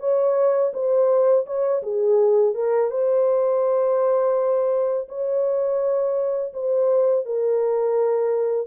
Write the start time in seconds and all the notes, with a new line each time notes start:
0.00 C#5
0.74 C5
1.46 C#5
1.83 G#4
2.55 A#4
2.91 C5
5.09 C#5
6.53 C5
7.26 A#4